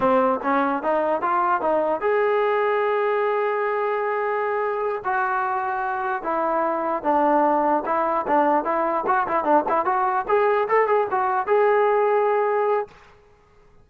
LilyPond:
\new Staff \with { instrumentName = "trombone" } { \time 4/4 \tempo 4 = 149 c'4 cis'4 dis'4 f'4 | dis'4 gis'2.~ | gis'1~ | gis'8 fis'2. e'8~ |
e'4. d'2 e'8~ | e'8 d'4 e'4 fis'8 e'8 d'8 | e'8 fis'4 gis'4 a'8 gis'8 fis'8~ | fis'8 gis'2.~ gis'8 | }